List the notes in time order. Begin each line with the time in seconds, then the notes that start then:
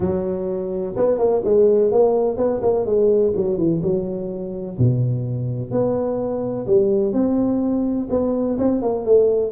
0.00 F#3
0.96 B3
1.18 A#3
1.44 G#3
1.91 A#3
2.37 B3
2.61 A#3
2.85 G#3
3.36 F#3
3.57 E3
3.82 F#3
4.78 B2
5.71 B3
6.67 G3
7.12 C4
8.10 B3
8.58 C4
8.82 A#3
9.05 A3